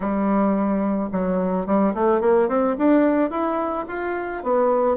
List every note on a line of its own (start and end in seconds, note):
0.00 1.09 G3
1.12 1.66 F#3
1.66 1.93 G3
1.94 2.20 A3
2.20 2.48 A#3
2.48 2.76 C4
2.78 3.30 D4
3.30 3.85 E4
3.88 4.43 F4
4.43 4.96 B3